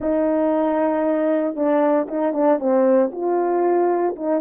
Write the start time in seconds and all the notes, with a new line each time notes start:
0.00 D#4
1.55 D4
2.08 D#4
2.33 D4
2.59 C4
3.12 F4
4.16 D#4